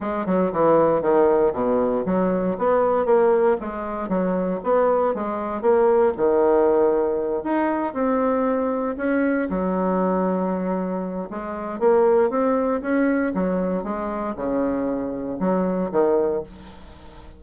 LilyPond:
\new Staff \with { instrumentName = "bassoon" } { \time 4/4 \tempo 4 = 117 gis8 fis8 e4 dis4 b,4 | fis4 b4 ais4 gis4 | fis4 b4 gis4 ais4 | dis2~ dis8 dis'4 c'8~ |
c'4. cis'4 fis4.~ | fis2 gis4 ais4 | c'4 cis'4 fis4 gis4 | cis2 fis4 dis4 | }